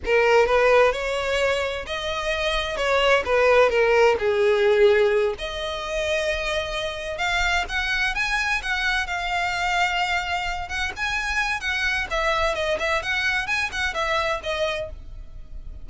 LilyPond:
\new Staff \with { instrumentName = "violin" } { \time 4/4 \tempo 4 = 129 ais'4 b'4 cis''2 | dis''2 cis''4 b'4 | ais'4 gis'2~ gis'8 dis''8~ | dis''2.~ dis''8 f''8~ |
f''8 fis''4 gis''4 fis''4 f''8~ | f''2. fis''8 gis''8~ | gis''4 fis''4 e''4 dis''8 e''8 | fis''4 gis''8 fis''8 e''4 dis''4 | }